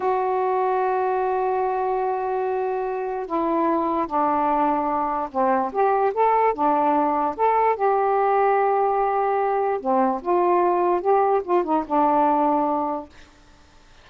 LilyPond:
\new Staff \with { instrumentName = "saxophone" } { \time 4/4 \tempo 4 = 147 fis'1~ | fis'1 | e'2 d'2~ | d'4 c'4 g'4 a'4 |
d'2 a'4 g'4~ | g'1 | c'4 f'2 g'4 | f'8 dis'8 d'2. | }